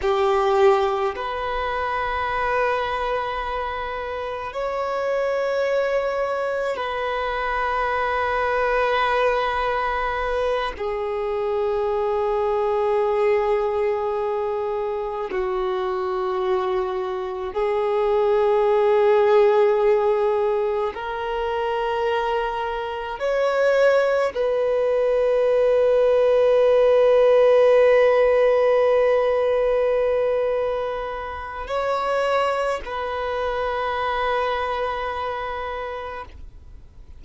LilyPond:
\new Staff \with { instrumentName = "violin" } { \time 4/4 \tempo 4 = 53 g'4 b'2. | cis''2 b'2~ | b'4. gis'2~ gis'8~ | gis'4. fis'2 gis'8~ |
gis'2~ gis'8 ais'4.~ | ais'8 cis''4 b'2~ b'8~ | b'1 | cis''4 b'2. | }